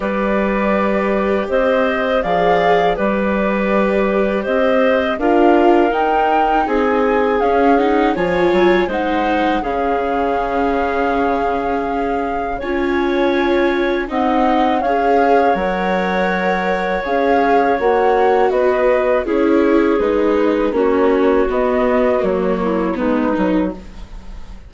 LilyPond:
<<
  \new Staff \with { instrumentName = "flute" } { \time 4/4 \tempo 4 = 81 d''2 dis''4 f''4 | d''2 dis''4 f''4 | g''4 gis''4 f''8 fis''8 gis''4 | fis''4 f''2.~ |
f''4 gis''2 fis''4 | f''4 fis''2 f''4 | fis''4 dis''4 cis''4 b'4 | cis''4 dis''4 cis''4 b'4 | }
  \new Staff \with { instrumentName = "clarinet" } { \time 4/4 b'2 c''4 d''4 | b'2 c''4 ais'4~ | ais'4 gis'2 cis''4 | c''4 gis'2.~ |
gis'4 cis''2 dis''4 | cis''1~ | cis''4 b'4 gis'2 | fis'2~ fis'8 e'8 dis'4 | }
  \new Staff \with { instrumentName = "viola" } { \time 4/4 g'2. gis'4 | g'2. f'4 | dis'2 cis'8 dis'8 f'4 | dis'4 cis'2.~ |
cis'4 f'2 dis'4 | gis'4 ais'2 gis'4 | fis'2 e'4 dis'4 | cis'4 b4 ais4 b8 dis'8 | }
  \new Staff \with { instrumentName = "bassoon" } { \time 4/4 g2 c'4 f4 | g2 c'4 d'4 | dis'4 c'4 cis'4 f8 fis8 | gis4 cis2.~ |
cis4 cis'2 c'4 | cis'4 fis2 cis'4 | ais4 b4 cis'4 gis4 | ais4 b4 fis4 gis8 fis8 | }
>>